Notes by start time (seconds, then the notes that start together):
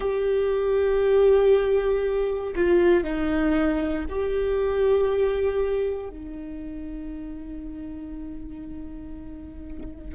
0.00 G4
2.55 F4
3.03 D#4
4.09 G4
6.09 D#4